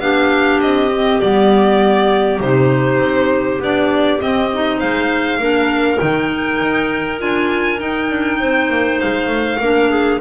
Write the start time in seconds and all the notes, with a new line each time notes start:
0.00 B3 D4 G4 F5
0.61 C4 D#5
0.92 C4
1.21 G3 B3 D5
2.40 C3 D#4 C5
2.99 C4
3.60 B3 D4 D5
4.19 C4 D#5
4.53 D#4
4.79 G#3 C5 F5
5.39 A#3 D4 A#4
5.98 D#3 D#4 G5
6.61 D#4
7.19 D4 F4 G#5
7.79 D#4 G5
8.10 D4
8.40 C4 C5
8.69 A#3
9.01 G#3 F5
9.27 A3
9.59 A#3 D4 A#4
9.90 G#4